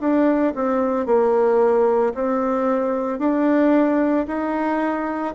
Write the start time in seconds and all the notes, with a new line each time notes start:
0.00 D4
0.56 C4
1.06 A#3
2.14 C4
3.19 D4
4.28 D#4